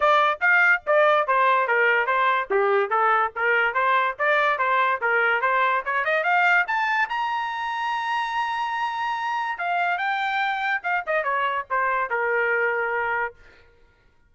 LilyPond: \new Staff \with { instrumentName = "trumpet" } { \time 4/4 \tempo 4 = 144 d''4 f''4 d''4 c''4 | ais'4 c''4 g'4 a'4 | ais'4 c''4 d''4 c''4 | ais'4 c''4 cis''8 dis''8 f''4 |
a''4 ais''2.~ | ais''2. f''4 | g''2 f''8 dis''8 cis''4 | c''4 ais'2. | }